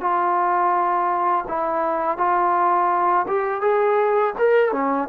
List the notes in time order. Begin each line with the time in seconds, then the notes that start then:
0.00 F4
1.48 E4
2.18 F4
3.27 G4
3.61 G#4
4.38 A#4
4.72 C#4